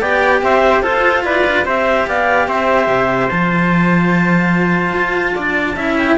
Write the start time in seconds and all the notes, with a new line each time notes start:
0.00 B3 G4 D5 G5
0.42 C4 C5 E5
0.81 F4 A4 C5
1.23 E4 B4 D5
1.47 D4
1.65 C4 G4 C5 E5
2.07 B3 D5 F5
2.48 C4 C5 E5
2.87 C3
3.28 F3 F4 A5
4.93 F4
5.35 D4 D5
5.76 C#4 E4 E5
5.97 G5